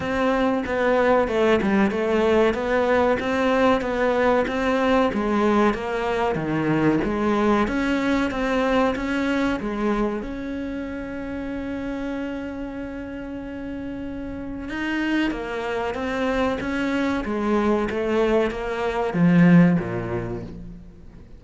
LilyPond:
\new Staff \with { instrumentName = "cello" } { \time 4/4 \tempo 4 = 94 c'4 b4 a8 g8 a4 | b4 c'4 b4 c'4 | gis4 ais4 dis4 gis4 | cis'4 c'4 cis'4 gis4 |
cis'1~ | cis'2. dis'4 | ais4 c'4 cis'4 gis4 | a4 ais4 f4 ais,4 | }